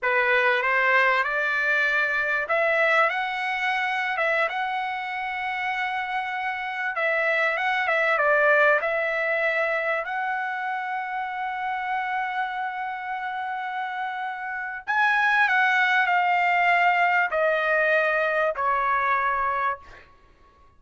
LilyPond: \new Staff \with { instrumentName = "trumpet" } { \time 4/4 \tempo 4 = 97 b'4 c''4 d''2 | e''4 fis''4.~ fis''16 e''8 fis''8.~ | fis''2.~ fis''16 e''8.~ | e''16 fis''8 e''8 d''4 e''4.~ e''16~ |
e''16 fis''2.~ fis''8.~ | fis''1 | gis''4 fis''4 f''2 | dis''2 cis''2 | }